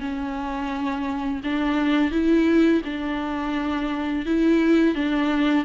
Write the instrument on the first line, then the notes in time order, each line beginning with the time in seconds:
viola
0.00 C#4
1.44 D4
2.11 E4
2.84 D4
4.25 E4
4.95 D4